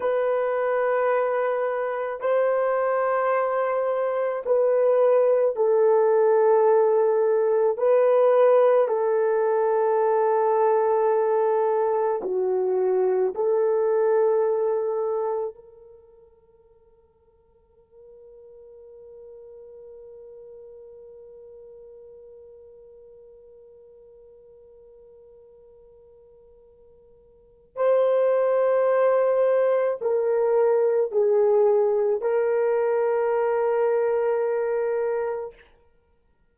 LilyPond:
\new Staff \with { instrumentName = "horn" } { \time 4/4 \tempo 4 = 54 b'2 c''2 | b'4 a'2 b'4 | a'2. fis'4 | a'2 ais'2~ |
ais'1~ | ais'1~ | ais'4 c''2 ais'4 | gis'4 ais'2. | }